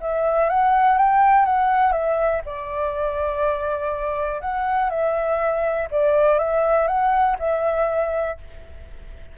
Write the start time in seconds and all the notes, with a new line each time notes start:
0.00 E5
0.49 F#5
0.97 G5
1.45 F#5
1.92 E5
2.45 D5
4.40 F#5
4.89 E5
5.90 D5
6.38 E5
6.87 F#5
7.39 E5